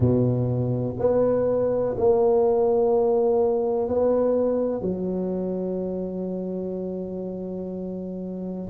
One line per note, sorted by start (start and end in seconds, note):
0.00 0.96 B2
0.99 1.96 B3
1.97 3.88 A#3
3.88 4.81 B3
4.81 8.68 F#3